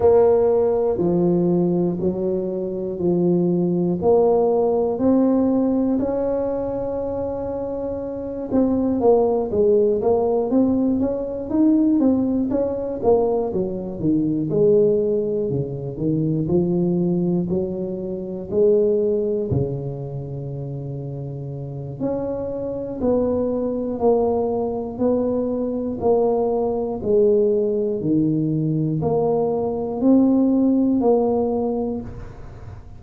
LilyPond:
\new Staff \with { instrumentName = "tuba" } { \time 4/4 \tempo 4 = 60 ais4 f4 fis4 f4 | ais4 c'4 cis'2~ | cis'8 c'8 ais8 gis8 ais8 c'8 cis'8 dis'8 | c'8 cis'8 ais8 fis8 dis8 gis4 cis8 |
dis8 f4 fis4 gis4 cis8~ | cis2 cis'4 b4 | ais4 b4 ais4 gis4 | dis4 ais4 c'4 ais4 | }